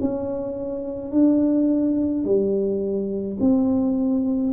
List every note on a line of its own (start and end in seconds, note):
0.00 1.11 C#4
1.11 2.24 D4
2.24 3.38 G3
3.40 4.53 C4